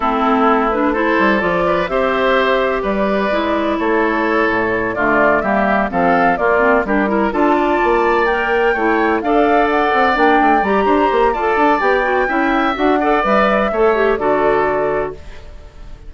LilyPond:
<<
  \new Staff \with { instrumentName = "flute" } { \time 4/4 \tempo 4 = 127 a'4. b'8 c''4 d''4 | e''2 d''2 | cis''2~ cis''8 d''4 e''8~ | e''8 f''4 d''4 ais'4 a''8~ |
a''4. g''2 f''8~ | f''8 fis''4 g''4 ais''4. | a''4 g''2 fis''4 | e''2 d''2 | }
  \new Staff \with { instrumentName = "oboe" } { \time 4/4 e'2 a'4. b'8 | c''2 b'2 | a'2~ a'8 f'4 g'8~ | g'8 a'4 f'4 g'8 ais'8 a'8 |
d''2~ d''8 cis''4 d''8~ | d''2. c''4 | d''2 e''4. d''8~ | d''4 cis''4 a'2 | }
  \new Staff \with { instrumentName = "clarinet" } { \time 4/4 c'4. d'8 e'4 f'4 | g'2. e'4~ | e'2~ e'8 a4 ais8~ | ais8 c'4 ais8 c'8 d'8 e'8 f'8~ |
f'4. ais'4 e'4 a'8~ | a'4. d'4 g'4. | a'4 g'8 fis'8 e'4 fis'8 a'8 | b'4 a'8 g'8 fis'2 | }
  \new Staff \with { instrumentName = "bassoon" } { \time 4/4 a2~ a8 g8 f4 | c'2 g4 gis4 | a4. a,4 d4 g8~ | g8 f4 ais4 g4 d'8~ |
d'8 ais2 a4 d'8~ | d'4 c'8 ais8 a8 g8 d'8 ais8 | f'8 d'8 b4 cis'4 d'4 | g4 a4 d2 | }
>>